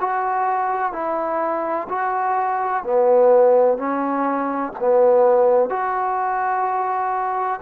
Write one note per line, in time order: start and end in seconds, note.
0.00 0.92 F#4
0.92 1.87 E4
1.89 2.84 F#4
2.84 3.77 B3
3.77 4.73 C#4
4.80 5.70 B3
5.70 7.60 F#4